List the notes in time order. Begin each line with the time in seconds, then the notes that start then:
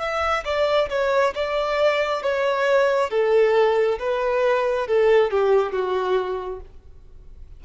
0.00 E5
0.45 D5
0.89 C#5
1.35 D5
2.23 C#5
3.10 A4
3.99 B4
4.88 A4
5.31 G4
5.72 F#4